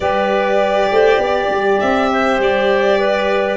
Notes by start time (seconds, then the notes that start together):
0.00 G3 G4 B4 D5
0.91 A3 C5
1.18 B3 D5
1.50 G3
1.79 C4 E5
2.11 C5
2.39 G3 D5
2.98 B4